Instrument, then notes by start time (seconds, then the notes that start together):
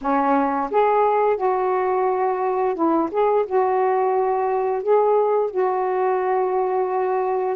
saxophone
0.01 C#4
0.71 G#4
1.36 F#4
2.75 E4
3.11 G#4
3.45 F#4
4.82 G#4
5.50 F#4